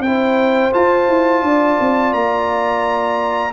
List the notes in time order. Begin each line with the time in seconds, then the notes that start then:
0.00 C4 E4 C5 G5
0.73 F4 A5
1.09 E4
1.43 D4 D5
1.80 C4
2.13 A#3 A#5